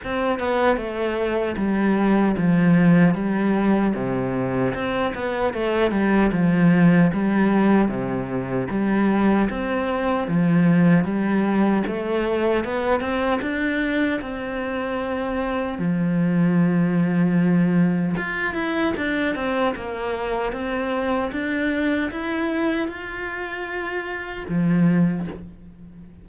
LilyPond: \new Staff \with { instrumentName = "cello" } { \time 4/4 \tempo 4 = 76 c'8 b8 a4 g4 f4 | g4 c4 c'8 b8 a8 g8 | f4 g4 c4 g4 | c'4 f4 g4 a4 |
b8 c'8 d'4 c'2 | f2. f'8 e'8 | d'8 c'8 ais4 c'4 d'4 | e'4 f'2 f4 | }